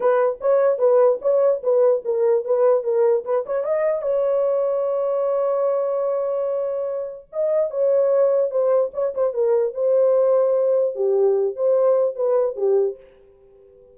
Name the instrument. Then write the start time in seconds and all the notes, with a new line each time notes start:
horn
0.00 B4
0.41 C#5
0.78 B4
1.21 C#5
1.63 B4
2.04 A#4
2.44 B4
2.83 A#4
3.24 B4
3.46 C#5
3.64 D#5
4.02 C#5
7.32 D#5
7.70 C#5
8.50 C5
8.93 C#5
9.14 C5
9.33 A#4
9.74 C5
10.95 G4
11.55 C5
12.15 B4
12.56 G4